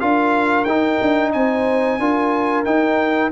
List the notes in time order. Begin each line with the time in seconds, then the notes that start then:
0.00 D4 F4 A#4 F5
0.65 D#4 G5
1.02 D4
1.32 C4 C5 G#5
1.99 D4 F4 A#4
2.65 D#4 G5